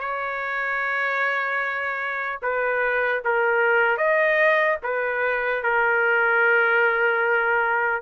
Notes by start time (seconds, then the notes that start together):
0.00 C#5
2.43 B4
3.25 A#4
3.98 D#5
4.83 B4
5.63 A#4